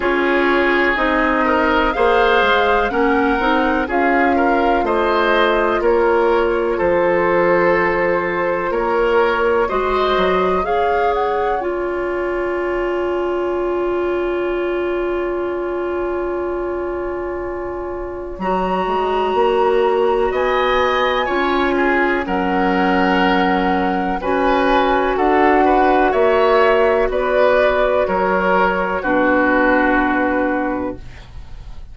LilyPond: <<
  \new Staff \with { instrumentName = "flute" } { \time 4/4 \tempo 4 = 62 cis''4 dis''4 f''4 fis''4 | f''4 dis''4 cis''4 c''4~ | c''4 cis''4 dis''4 f''8 fis''8 | gis''1~ |
gis''2. ais''4~ | ais''4 gis''2 fis''4~ | fis''4 gis''4 fis''4 e''4 | d''4 cis''4 b'2 | }
  \new Staff \with { instrumentName = "oboe" } { \time 4/4 gis'4. ais'8 c''4 ais'4 | gis'8 ais'8 c''4 ais'4 a'4~ | a'4 ais'4 c''4 cis''4~ | cis''1~ |
cis''1~ | cis''4 dis''4 cis''8 gis'8 ais'4~ | ais'4 b'4 a'8 b'8 cis''4 | b'4 ais'4 fis'2 | }
  \new Staff \with { instrumentName = "clarinet" } { \time 4/4 f'4 dis'4 gis'4 cis'8 dis'8 | f'1~ | f'2 fis'4 gis'4 | f'1~ |
f'2. fis'4~ | fis'2 f'4 cis'4~ | cis'4 fis'2.~ | fis'2 d'2 | }
  \new Staff \with { instrumentName = "bassoon" } { \time 4/4 cis'4 c'4 ais8 gis8 ais8 c'8 | cis'4 a4 ais4 f4~ | f4 ais4 gis8 fis8 cis'4~ | cis'1~ |
cis'2. fis8 gis8 | ais4 b4 cis'4 fis4~ | fis4 cis'4 d'4 ais4 | b4 fis4 b,2 | }
>>